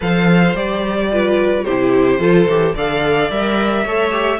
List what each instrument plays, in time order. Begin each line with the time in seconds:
0.00 cello F3, viola A4, violin C5 F5
0.54 cello G3, viola G4, violin D5
1.11 viola F4, violin B4
1.64 cello C3, viola E4, violin G4 C5
2.18 cello F3, viola F4, violin A4
2.47 cello E3, viola G4
2.75 cello D3, viola A4, violin D5 F5
3.30 cello G3, viola A#4, violin E5
3.84 cello A3, viola A4, violin C#5
4.10 viola G4